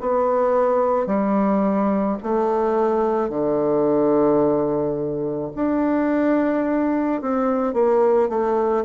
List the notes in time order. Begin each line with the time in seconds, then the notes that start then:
0.00 B3
1.06 G3
2.22 A3
3.29 D3
5.55 D4
7.21 C4
7.73 A#3
8.28 A3